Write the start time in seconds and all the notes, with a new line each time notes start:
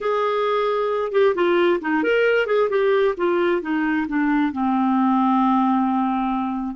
0.01 G#4
1.12 G4
1.35 F4
1.80 D#4
2.03 A#4
2.46 G#4
2.69 G4
3.17 F4
3.61 D#4
4.07 D4
4.52 C4